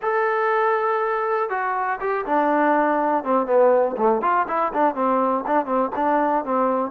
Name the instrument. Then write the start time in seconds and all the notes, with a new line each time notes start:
trombone
0.02 A4
1.49 F#4
2.00 G4
2.25 D4
3.24 C4
3.46 B3
3.97 A3
4.21 F4
4.47 E4
4.73 D4
4.95 C4
5.46 D4
5.65 C4
5.95 D4
6.44 C4